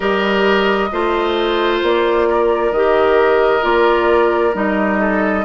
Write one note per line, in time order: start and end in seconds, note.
0.00 0.91 G3
0.00 0.90 G4
0.00 0.89 A#4
0.00 1.79 D#5
0.91 1.82 A3
0.91 2.73 F4
0.91 2.28 C5
1.82 2.71 A#3
1.82 2.72 D5
2.29 4.99 A#4
2.71 3.62 D#3
2.71 3.61 G4
2.71 3.63 D#5
3.61 4.54 A#3
3.61 4.52 F4
3.61 4.54 D5
4.52 5.45 G3
4.52 5.43 D#4
4.52 5.45 D#5
4.99 5.45 A4